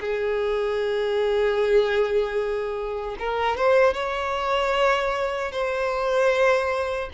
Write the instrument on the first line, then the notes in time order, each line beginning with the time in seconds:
violin
0.00 G#4
3.19 A#4
3.57 C5
3.94 C#5
5.52 C5